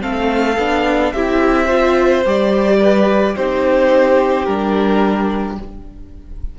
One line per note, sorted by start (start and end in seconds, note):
0.00 0.57 A3
0.00 0.56 C4
0.00 1.13 A4
0.00 1.12 F5
0.57 1.13 B3
0.57 1.14 D4
1.12 2.25 C4
1.12 1.68 E4
1.12 1.65 G4
1.12 2.24 E5
1.65 2.24 F4
1.65 2.76 C5
2.25 3.36 G3
2.25 3.37 G4
2.25 3.36 D5
2.79 3.34 B4
3.36 4.47 C4
3.36 4.47 D#4
3.36 5.59 G4
3.36 4.45 C5
4.45 5.58 G3
4.45 5.58 D4
4.45 5.56 A#4